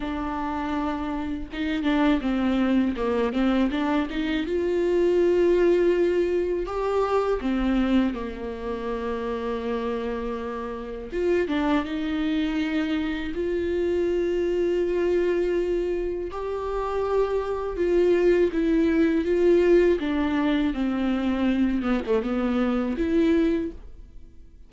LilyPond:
\new Staff \with { instrumentName = "viola" } { \time 4/4 \tempo 4 = 81 d'2 dis'8 d'8 c'4 | ais8 c'8 d'8 dis'8 f'2~ | f'4 g'4 c'4 ais4~ | ais2. f'8 d'8 |
dis'2 f'2~ | f'2 g'2 | f'4 e'4 f'4 d'4 | c'4. b16 a16 b4 e'4 | }